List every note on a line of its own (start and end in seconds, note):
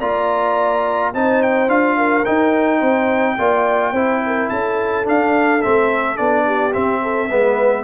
0.00 1.13 A#3
0.00 1.14 F4
0.00 1.12 D5
0.00 1.13 A#5
1.14 1.68 C4
1.14 1.69 D#4
1.14 1.98 C5
1.14 1.42 A5
1.42 1.70 G5
1.68 2.24 D4
1.68 2.25 F4
1.68 2.25 F5
1.98 2.78 A#4
2.25 3.38 D#4
2.25 2.82 D#4
2.25 4.49 G5
2.78 3.38 C4
2.78 3.34 C5
3.38 3.93 A#3
3.38 3.94 F4
3.38 3.92 D5
3.92 4.49 C4
3.92 5.04 E4
3.92 4.20 C5
4.26 4.50 A#4
4.50 5.07 C#4
4.50 6.46 A4
4.50 5.06 A5
5.04 5.61 D4
5.04 5.65 D4
5.04 5.62 F5
5.62 6.20 A3
5.62 6.16 C4
5.62 6.17 E5
6.16 6.76 B3
6.16 6.72 D4
6.16 6.73 D5
6.46 7.02 G4
6.73 7.29 C4
6.73 7.31 C4
6.73 7.84 E5
7.03 7.29 A4
7.29 7.84 G#3
7.29 7.84 B3
7.29 7.84 B4